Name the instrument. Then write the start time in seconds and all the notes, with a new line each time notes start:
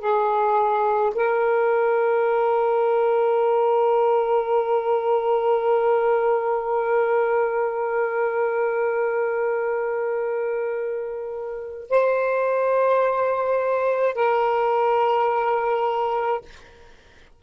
saxophone
0.00 G#4
1.15 A#4
11.90 C5
14.15 A#4